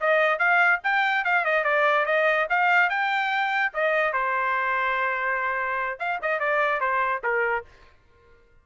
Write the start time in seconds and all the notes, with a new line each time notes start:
0.00 D#5
0.38 F5
0.83 G5
1.24 F5
1.44 D#5
1.64 D5
2.05 D#5
2.49 F5
2.89 G5
3.73 D#5
4.13 C5
5.99 F5
6.21 D#5
6.39 D5
6.80 C5
7.23 A#4